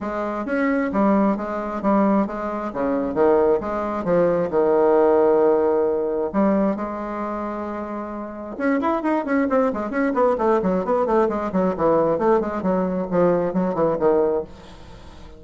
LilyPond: \new Staff \with { instrumentName = "bassoon" } { \time 4/4 \tempo 4 = 133 gis4 cis'4 g4 gis4 | g4 gis4 cis4 dis4 | gis4 f4 dis2~ | dis2 g4 gis4~ |
gis2. cis'8 e'8 | dis'8 cis'8 c'8 gis8 cis'8 b8 a8 fis8 | b8 a8 gis8 fis8 e4 a8 gis8 | fis4 f4 fis8 e8 dis4 | }